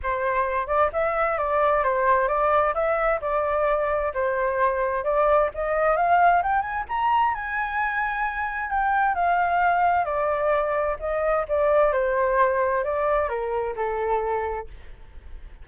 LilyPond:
\new Staff \with { instrumentName = "flute" } { \time 4/4 \tempo 4 = 131 c''4. d''8 e''4 d''4 | c''4 d''4 e''4 d''4~ | d''4 c''2 d''4 | dis''4 f''4 g''8 gis''8 ais''4 |
gis''2. g''4 | f''2 d''2 | dis''4 d''4 c''2 | d''4 ais'4 a'2 | }